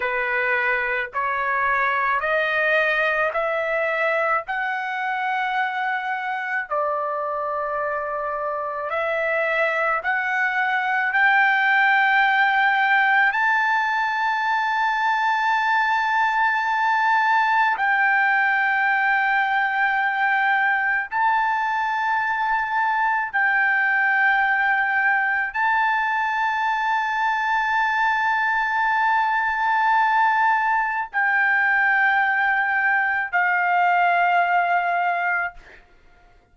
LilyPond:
\new Staff \with { instrumentName = "trumpet" } { \time 4/4 \tempo 4 = 54 b'4 cis''4 dis''4 e''4 | fis''2 d''2 | e''4 fis''4 g''2 | a''1 |
g''2. a''4~ | a''4 g''2 a''4~ | a''1 | g''2 f''2 | }